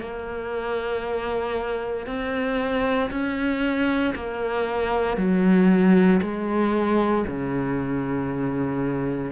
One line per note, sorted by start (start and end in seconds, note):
0.00 2.07 A#3
2.07 3.10 C4
3.10 4.14 C#4
4.15 5.17 A#3
5.17 6.21 F#3
6.22 7.25 G#3
7.27 9.32 C#3